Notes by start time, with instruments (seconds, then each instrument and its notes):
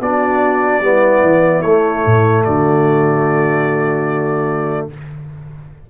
0.00 tuba B3, trombone D4, horn F#4, trumpet D5
0.80 tuba G3, trombone B3, horn E4
1.23 tuba E3
1.62 tuba A3, trombone A3, trumpet C#5
2.06 tuba A2
2.44 tuba D3, horn F#4, trumpet D5